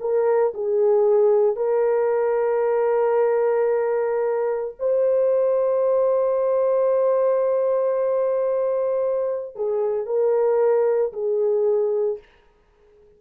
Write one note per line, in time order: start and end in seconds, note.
0.00 0.53 A#4
0.54 1.56 G#4
1.56 4.74 A#4
4.79 9.55 C5
9.55 10.06 G#4
10.06 11.12 A#4
11.12 12.19 G#4